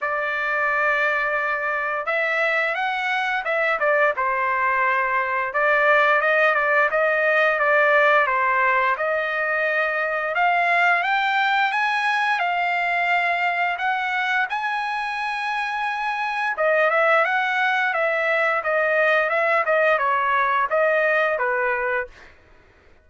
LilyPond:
\new Staff \with { instrumentName = "trumpet" } { \time 4/4 \tempo 4 = 87 d''2. e''4 | fis''4 e''8 d''8 c''2 | d''4 dis''8 d''8 dis''4 d''4 | c''4 dis''2 f''4 |
g''4 gis''4 f''2 | fis''4 gis''2. | dis''8 e''8 fis''4 e''4 dis''4 | e''8 dis''8 cis''4 dis''4 b'4 | }